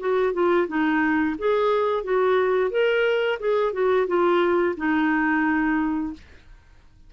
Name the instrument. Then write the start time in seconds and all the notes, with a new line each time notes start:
clarinet
0.00 F#4
0.34 F4
0.68 D#4
1.39 G#4
2.04 F#4
2.71 A#4
3.40 G#4
3.73 F#4
4.08 F4
4.77 D#4